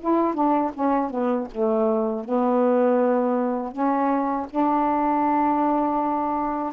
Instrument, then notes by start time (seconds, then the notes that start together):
saxophone
0.00 E4
0.34 D4
0.74 C#4
1.10 B3
1.52 A3
2.24 B3
3.72 C#4
4.50 D4